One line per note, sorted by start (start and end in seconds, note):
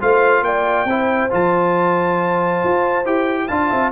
0.00 0.42 A3
0.00 0.87 F4
0.00 0.44 C5
0.00 0.44 F5
0.42 0.85 A#3
0.42 0.89 D5
0.42 1.31 G5
0.85 1.28 C4
0.85 1.30 E4
0.85 3.47 C5
1.30 2.63 F3
1.30 3.04 F4
1.30 3.06 A5
2.64 3.06 F4
3.05 3.49 E4
3.05 3.49 G4
3.05 3.48 G5
3.47 3.71 D4
3.47 3.92 F4
3.47 3.68 F5
3.47 3.91 A5
3.69 3.92 C4
3.69 3.91 E5